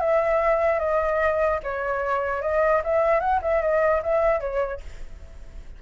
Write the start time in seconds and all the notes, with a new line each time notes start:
0.00 E5
0.79 D#5
1.63 C#5
2.42 D#5
2.84 E5
3.20 F#5
3.42 E5
3.62 D#5
4.03 E5
4.40 C#5